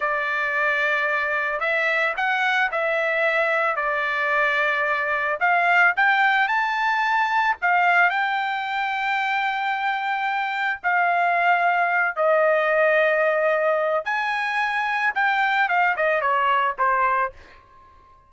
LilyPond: \new Staff \with { instrumentName = "trumpet" } { \time 4/4 \tempo 4 = 111 d''2. e''4 | fis''4 e''2 d''4~ | d''2 f''4 g''4 | a''2 f''4 g''4~ |
g''1 | f''2~ f''8 dis''4.~ | dis''2 gis''2 | g''4 f''8 dis''8 cis''4 c''4 | }